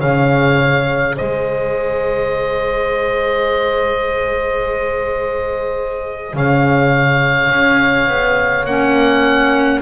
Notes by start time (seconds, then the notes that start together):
0.00 C#3 G#4 C#5 F5
1.16 G#3 C5 D#5
6.34 C#3 C#5 F5
7.50 C#4
8.07 B3
8.65 A#3 C#4 F#5